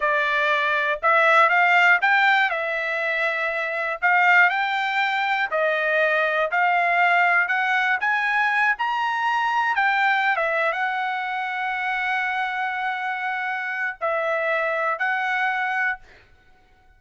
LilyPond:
\new Staff \with { instrumentName = "trumpet" } { \time 4/4 \tempo 4 = 120 d''2 e''4 f''4 | g''4 e''2. | f''4 g''2 dis''4~ | dis''4 f''2 fis''4 |
gis''4. ais''2 g''8~ | g''8. e''8. fis''2~ fis''8~ | fis''1 | e''2 fis''2 | }